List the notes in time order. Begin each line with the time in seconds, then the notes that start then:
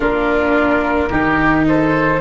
0.00 A#3 D4 F4 A#4
1.09 D#3 D#4 G4
1.68 A4 C5